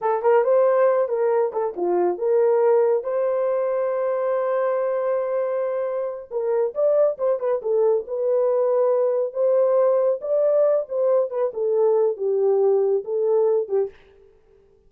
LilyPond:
\new Staff \with { instrumentName = "horn" } { \time 4/4 \tempo 4 = 138 a'8 ais'8 c''4. ais'4 a'8 | f'4 ais'2 c''4~ | c''1~ | c''2~ c''8 ais'4 d''8~ |
d''8 c''8 b'8 a'4 b'4.~ | b'4. c''2 d''8~ | d''4 c''4 b'8 a'4. | g'2 a'4. g'8 | }